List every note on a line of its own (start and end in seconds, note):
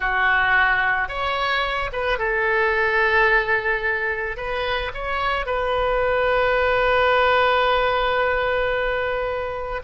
0.00 1.08 F#4
1.08 1.90 C#5
1.92 2.18 B4
2.18 4.36 A4
4.36 4.91 B4
4.94 5.46 C#5
5.46 9.82 B4